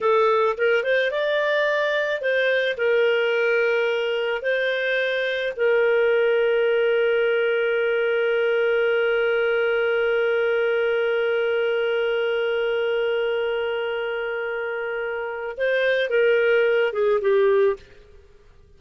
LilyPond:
\new Staff \with { instrumentName = "clarinet" } { \time 4/4 \tempo 4 = 108 a'4 ais'8 c''8 d''2 | c''4 ais'2. | c''2 ais'2~ | ais'1~ |
ais'1~ | ais'1~ | ais'1 | c''4 ais'4. gis'8 g'4 | }